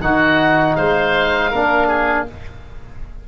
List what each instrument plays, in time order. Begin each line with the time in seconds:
0.00 tuba D#3, trombone D#4, oboe F#4 F#5
0.75 tuba G#3, oboe C5 F5
1.50 tuba A#3, trombone D4, oboe A#4
1.87 oboe G#4